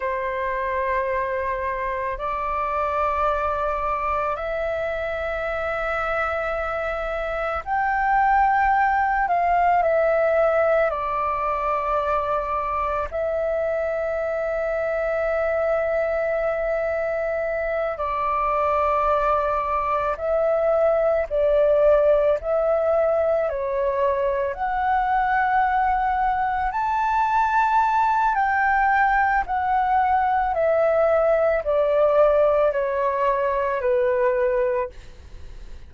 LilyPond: \new Staff \with { instrumentName = "flute" } { \time 4/4 \tempo 4 = 55 c''2 d''2 | e''2. g''4~ | g''8 f''8 e''4 d''2 | e''1~ |
e''8 d''2 e''4 d''8~ | d''8 e''4 cis''4 fis''4.~ | fis''8 a''4. g''4 fis''4 | e''4 d''4 cis''4 b'4 | }